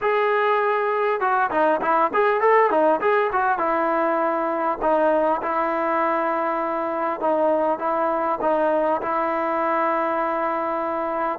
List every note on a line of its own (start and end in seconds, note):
0.01 1.20 G#4
1.20 1.50 F#4
1.51 1.81 D#4
1.81 2.11 E4
2.13 2.40 G#4
2.40 2.70 A4
2.70 3.00 D#4
3.00 3.30 G#4
3.32 3.58 F#4
3.58 4.78 E4
4.81 5.41 D#4
5.41 7.20 E4
7.20 7.78 D#4
7.78 8.38 E4
8.41 9.01 D#4
9.01 11.39 E4